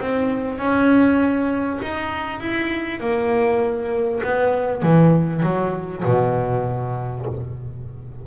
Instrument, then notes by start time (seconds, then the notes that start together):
double bass
0.00 C4
0.58 C#4
1.82 D#4
2.40 E4
3.00 A#3
4.23 B3
4.82 E3
5.43 F#3
6.05 B2